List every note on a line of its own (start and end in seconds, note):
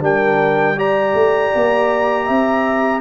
0.00 1.13 G3
0.00 0.75 D4
0.00 0.76 A#4
0.00 0.79 G5
0.76 3.00 G4
0.76 2.25 D5
0.76 3.00 A#5
1.13 1.51 A3
1.55 2.29 A#3
2.25 3.00 C4
2.25 3.00 E5